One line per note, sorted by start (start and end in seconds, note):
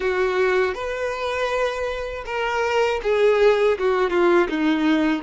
0.00 0.74 F#4
0.74 2.24 B4
2.25 3.00 A#4
3.02 3.77 G#4
3.78 4.10 F#4
4.10 4.47 F4
4.49 5.22 D#4